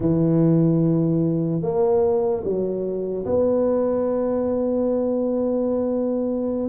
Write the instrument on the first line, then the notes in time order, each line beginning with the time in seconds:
tuba
0.00 E3
1.62 A#3
2.44 F#3
3.25 B3